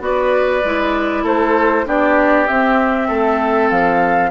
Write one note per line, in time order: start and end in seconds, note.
0.00 0.62 B3
0.00 0.61 F#4
0.00 1.24 B4
0.00 1.26 D5
0.65 1.24 G#3
0.65 1.86 E4
1.24 1.85 A3
1.24 1.85 A4
1.24 1.88 C5
1.86 2.48 B3
1.86 2.47 D4
1.86 3.08 G4
1.86 2.47 D5
2.47 4.31 C4
2.47 3.10 C4
2.47 3.69 E5
3.08 3.71 A3
3.08 4.31 A4
3.70 4.31 F3
3.70 4.31 F5